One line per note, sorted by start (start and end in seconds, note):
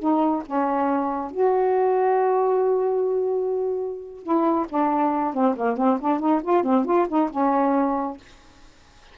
0.00 0.43 D#4
0.46 1.32 C#4
1.32 4.23 F#4
4.23 4.67 E4
4.69 5.34 D4
5.34 5.56 C4
5.57 5.77 A#3
5.77 5.99 C4
6.01 6.20 D4
6.20 6.42 D#4
6.43 6.64 F4
6.64 6.86 C4
6.86 7.08 F4
7.09 7.30 D#4
7.31 8.18 C#4